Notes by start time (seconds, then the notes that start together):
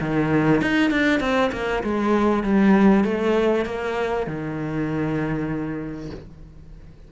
0.00 D#3
0.61 D#4
0.90 D4
1.20 C4
1.52 A#3
1.83 G#3
2.43 G3
3.04 A3
3.65 A#3
4.26 D#3